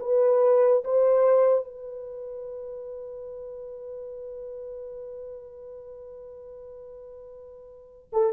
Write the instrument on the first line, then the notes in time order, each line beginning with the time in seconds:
horn
0.00 B4
0.84 C5
1.64 B4
8.12 A4